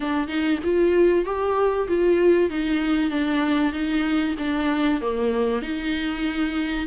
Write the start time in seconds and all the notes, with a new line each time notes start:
0.00 D4
0.28 D#4
0.64 F4
1.25 G4
1.88 F4
2.50 D#4
3.10 D4
3.72 D#4
4.38 D4
5.01 A#3
5.62 D#4